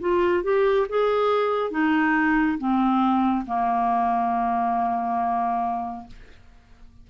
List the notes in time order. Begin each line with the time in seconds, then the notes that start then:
0.00 F4
0.43 G4
0.89 G#4
1.71 D#4
2.58 C4
3.46 A#3